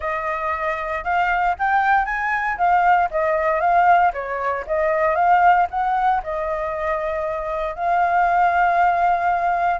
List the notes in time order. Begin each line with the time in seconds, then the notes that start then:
0.00 D#5
1.04 F5
1.58 G5
2.05 G#5
2.57 F5
3.10 D#5
3.60 F5
4.13 C#5
4.66 D#5
5.15 F5
5.70 F#5
6.23 D#5
7.75 F5